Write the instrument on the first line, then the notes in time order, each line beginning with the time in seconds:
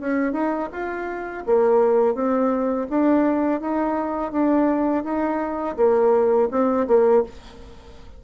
bassoon
0.00 C#4
0.33 D#4
0.72 F4
1.47 A#3
2.15 C4
2.90 D4
3.61 D#4
4.32 D4
5.04 D#4
5.77 A#3
6.51 C4
6.87 A#3